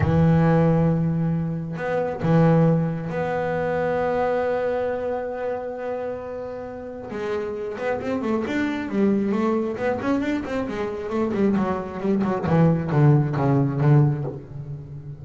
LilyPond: \new Staff \with { instrumentName = "double bass" } { \time 4/4 \tempo 4 = 135 e1 | b4 e2 b4~ | b1~ | b1 |
gis4. b8 c'8 a8 d'4 | g4 a4 b8 cis'8 d'8 c'8 | gis4 a8 g8 fis4 g8 fis8 | e4 d4 cis4 d4 | }